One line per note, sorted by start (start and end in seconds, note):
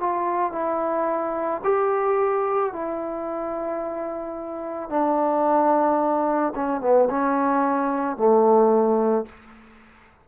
0.00 0.52 F4
0.52 1.61 E4
1.64 2.73 G4
2.73 4.89 E4
4.89 6.53 D4
6.55 6.81 C#4
6.81 7.08 B3
7.10 8.17 C#4
8.17 9.26 A3